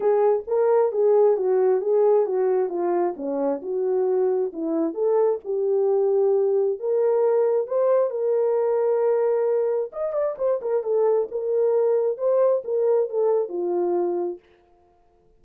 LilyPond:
\new Staff \with { instrumentName = "horn" } { \time 4/4 \tempo 4 = 133 gis'4 ais'4 gis'4 fis'4 | gis'4 fis'4 f'4 cis'4 | fis'2 e'4 a'4 | g'2. ais'4~ |
ais'4 c''4 ais'2~ | ais'2 dis''8 d''8 c''8 ais'8 | a'4 ais'2 c''4 | ais'4 a'4 f'2 | }